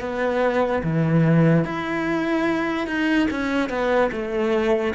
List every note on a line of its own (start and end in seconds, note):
0.00 0.82 B3
0.83 1.64 E3
1.64 2.87 E4
2.87 3.28 D#4
3.31 3.69 C#4
3.69 4.10 B3
4.12 4.94 A3